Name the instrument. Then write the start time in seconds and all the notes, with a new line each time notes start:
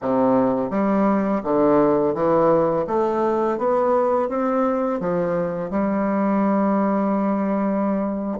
bassoon
0.01 C3
0.70 G3
1.43 D3
2.14 E3
2.87 A3
3.57 B3
4.29 C4
5.00 F3
5.70 G3